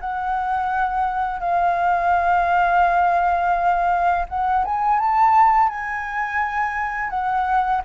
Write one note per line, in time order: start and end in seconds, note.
0.00 1.40 F#5
1.40 4.26 F5
4.29 4.64 F#5
4.65 4.99 G#5
4.99 5.69 A5
5.69 7.10 G#5
7.10 7.81 F#5